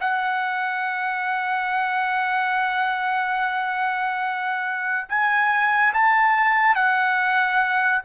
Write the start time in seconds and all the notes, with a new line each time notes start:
0.00 F#5
5.09 G#5
5.93 A5
6.75 F#5